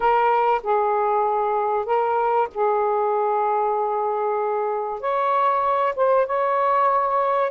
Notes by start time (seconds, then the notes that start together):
0.00 A#4
0.63 G#4
1.85 A#4
2.53 G#4
5.00 C#5
5.95 C5
6.26 C#5